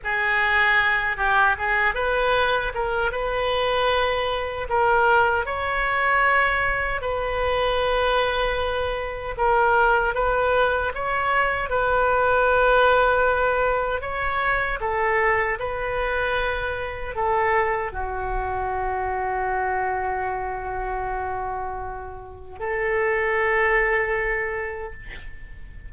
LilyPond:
\new Staff \with { instrumentName = "oboe" } { \time 4/4 \tempo 4 = 77 gis'4. g'8 gis'8 b'4 ais'8 | b'2 ais'4 cis''4~ | cis''4 b'2. | ais'4 b'4 cis''4 b'4~ |
b'2 cis''4 a'4 | b'2 a'4 fis'4~ | fis'1~ | fis'4 a'2. | }